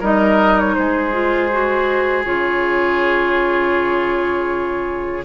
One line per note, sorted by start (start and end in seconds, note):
0.00 0.76 G3
0.00 1.12 D#4
0.00 0.75 A#4
0.00 0.59 D#5
0.59 0.74 C#5
0.74 2.26 G#3
0.74 5.25 G#4
0.74 2.24 C5
1.12 1.50 F4
1.52 2.24 F#4
2.24 5.25 C#3
2.24 5.24 F4
2.24 5.25 C#5